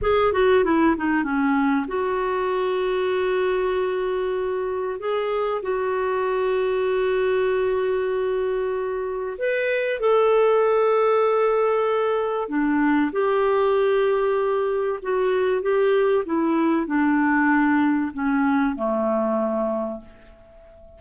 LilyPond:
\new Staff \with { instrumentName = "clarinet" } { \time 4/4 \tempo 4 = 96 gis'8 fis'8 e'8 dis'8 cis'4 fis'4~ | fis'1 | gis'4 fis'2.~ | fis'2. b'4 |
a'1 | d'4 g'2. | fis'4 g'4 e'4 d'4~ | d'4 cis'4 a2 | }